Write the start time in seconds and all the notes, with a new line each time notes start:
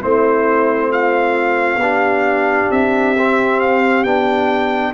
0.00 A3 C4 E4 C5
0.89 F4 F5
1.76 B3 D4 G4
2.70 C4 E5
3.18 C4
3.60 F5
4.03 B3 D4 G5